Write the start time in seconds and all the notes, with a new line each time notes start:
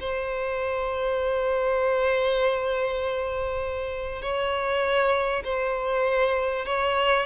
0.00 C5
4.21 C#5
5.44 C5
6.65 C#5